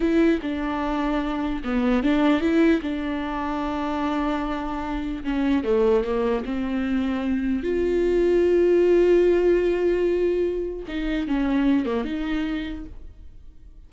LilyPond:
\new Staff \with { instrumentName = "viola" } { \time 4/4 \tempo 4 = 149 e'4 d'2. | b4 d'4 e'4 d'4~ | d'1~ | d'4 cis'4 a4 ais4 |
c'2. f'4~ | f'1~ | f'2. dis'4 | cis'4. ais8 dis'2 | }